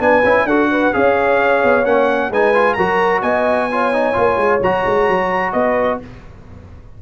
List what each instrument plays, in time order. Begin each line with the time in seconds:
0.00 tuba B3, trombone D4, horn B4, trumpet G#5
0.24 tuba C#4, trombone E4
0.45 tuba D4, trombone F#4, horn A4, trumpet F#5
0.72 horn B4
0.93 tuba C#4, trombone G#4, horn C#5, trumpet F5
1.64 tuba B3
1.84 tuba A#3, trombone C#4, trumpet F#5
2.30 tuba G#3, trombone D#4, horn B4, trumpet G#5
2.54 trombone F4
2.74 tuba F#3, trombone F#4, horn A#4, trumpet A#5
3.22 tuba B3, horn D#5, trumpet G#5
3.72 trombone F4, horn C#5
3.93 trombone D#4
4.14 tuba A#3, trombone F4
4.37 tuba G#3
4.62 tuba F#3, trombone F#4, trumpet A#5
4.86 tuba G#3
5.09 tuba F#3
5.53 tuba B3, horn B4, trumpet D#5